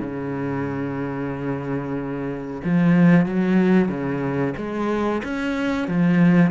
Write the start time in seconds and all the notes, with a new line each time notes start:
0.00 C#3
2.64 F3
3.26 F#3
3.88 C#3
4.57 G#3
5.24 C#4
5.88 F3